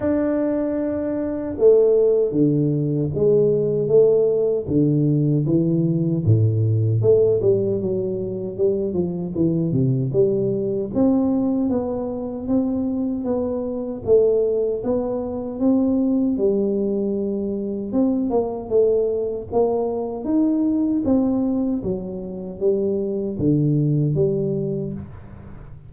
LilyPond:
\new Staff \with { instrumentName = "tuba" } { \time 4/4 \tempo 4 = 77 d'2 a4 d4 | gis4 a4 d4 e4 | a,4 a8 g8 fis4 g8 f8 | e8 c8 g4 c'4 b4 |
c'4 b4 a4 b4 | c'4 g2 c'8 ais8 | a4 ais4 dis'4 c'4 | fis4 g4 d4 g4 | }